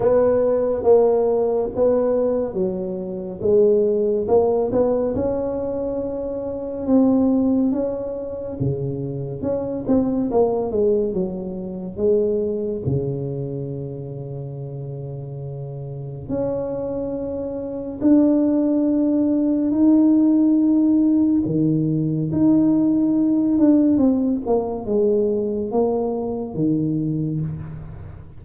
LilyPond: \new Staff \with { instrumentName = "tuba" } { \time 4/4 \tempo 4 = 70 b4 ais4 b4 fis4 | gis4 ais8 b8 cis'2 | c'4 cis'4 cis4 cis'8 c'8 | ais8 gis8 fis4 gis4 cis4~ |
cis2. cis'4~ | cis'4 d'2 dis'4~ | dis'4 dis4 dis'4. d'8 | c'8 ais8 gis4 ais4 dis4 | }